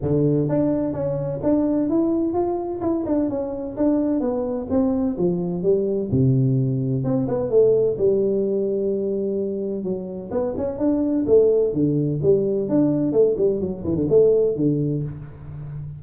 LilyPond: \new Staff \with { instrumentName = "tuba" } { \time 4/4 \tempo 4 = 128 d4 d'4 cis'4 d'4 | e'4 f'4 e'8 d'8 cis'4 | d'4 b4 c'4 f4 | g4 c2 c'8 b8 |
a4 g2.~ | g4 fis4 b8 cis'8 d'4 | a4 d4 g4 d'4 | a8 g8 fis8 e16 d16 a4 d4 | }